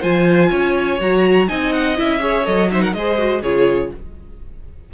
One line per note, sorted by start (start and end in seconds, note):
0.00 0.51 F3
0.00 0.99 F4
0.00 0.49 C5
0.00 1.00 G#5
0.50 0.99 C#4
0.50 1.47 C#5
1.00 1.49 F#3
1.00 1.48 F#4
1.00 1.48 A#5
1.48 1.99 C4
1.48 1.96 D#4
1.48 2.21 D#5
1.48 1.72 G#5
1.72 1.97 F#5
1.96 2.47 C#4
1.96 2.19 E4
1.96 2.46 E5
2.19 2.44 G#4
2.19 2.70 C#5
2.45 2.94 F#3
2.45 2.69 A4
2.45 2.70 D#5
2.70 2.95 D#4
2.70 2.82 C5
2.70 2.82 E5
2.82 2.94 A#4
2.82 2.93 F#5
2.93 3.42 G#3
2.93 3.18 G#4
2.93 3.42 C5
2.93 3.42 D#5
3.18 3.42 F#4
3.42 3.90 C#3
3.42 3.93 F4
3.42 3.91 G#4
3.42 3.91 C#5